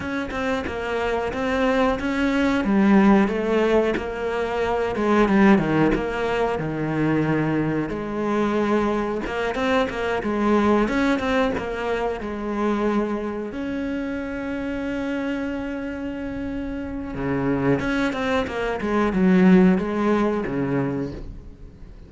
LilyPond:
\new Staff \with { instrumentName = "cello" } { \time 4/4 \tempo 4 = 91 cis'8 c'8 ais4 c'4 cis'4 | g4 a4 ais4. gis8 | g8 dis8 ais4 dis2 | gis2 ais8 c'8 ais8 gis8~ |
gis8 cis'8 c'8 ais4 gis4.~ | gis8 cis'2.~ cis'8~ | cis'2 cis4 cis'8 c'8 | ais8 gis8 fis4 gis4 cis4 | }